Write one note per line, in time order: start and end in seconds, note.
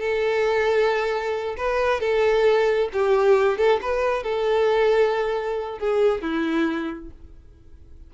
0.00 1.56 A4
1.57 2.00 B4
2.00 2.89 A4
2.93 3.58 G4
3.58 3.80 A4
3.82 4.23 B4
4.23 5.79 A4
5.79 6.21 G#4
6.21 7.10 E4